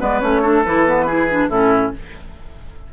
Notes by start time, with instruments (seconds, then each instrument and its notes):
0.00 bassoon G#3, clarinet B3, oboe B4, flute D5
0.20 bassoon A3, clarinet C#4, flute C#5
0.42 clarinet D4, oboe A4
0.64 bassoon E3, clarinet E4, flute B4
0.86 clarinet B3
1.06 clarinet E4, oboe G#4
1.30 clarinet D4
1.49 bassoon A2, clarinet C#4, oboe E4, flute A4